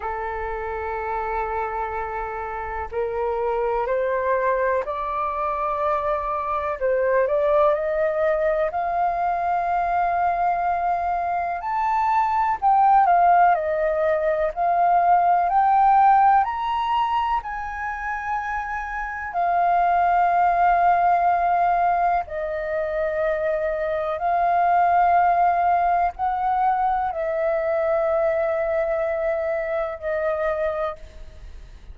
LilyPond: \new Staff \with { instrumentName = "flute" } { \time 4/4 \tempo 4 = 62 a'2. ais'4 | c''4 d''2 c''8 d''8 | dis''4 f''2. | a''4 g''8 f''8 dis''4 f''4 |
g''4 ais''4 gis''2 | f''2. dis''4~ | dis''4 f''2 fis''4 | e''2. dis''4 | }